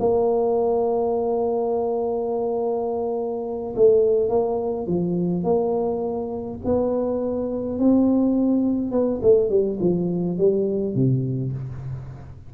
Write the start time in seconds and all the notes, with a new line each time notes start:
0.00 A#3
3.76 A3
4.30 A#3
4.87 F3
5.44 A#3
6.65 B3
7.79 C4
8.92 B3
9.23 A3
9.50 G3
9.81 F3
10.38 G3
10.95 C3